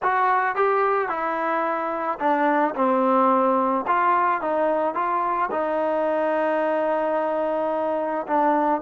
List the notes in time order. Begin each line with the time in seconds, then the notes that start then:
0.02 F#4
0.55 G4
1.08 E4
2.19 D4
2.75 C4
3.87 F4
4.41 D#4
4.94 F4
5.51 D#4
8.27 D4